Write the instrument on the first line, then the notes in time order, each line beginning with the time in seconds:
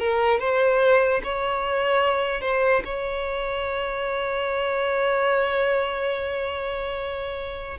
violin
0.00 A#4
0.40 C5
1.24 C#5
2.42 C5
2.85 C#5